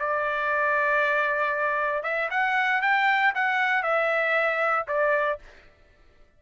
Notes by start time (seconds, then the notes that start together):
0.00 D5
2.04 E5
2.31 F#5
2.82 G5
3.35 F#5
3.83 E5
4.88 D5